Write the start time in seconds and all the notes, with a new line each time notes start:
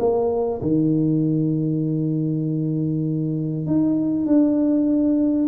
0.00 A#3
0.62 D#3
3.67 D#4
4.27 D4